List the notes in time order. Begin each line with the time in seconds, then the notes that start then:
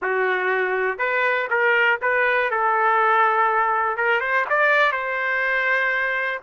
0.01 F#4
0.98 B4
1.50 A#4
2.01 B4
2.50 A4
3.96 A#4
4.20 C5
4.49 D5
4.91 C5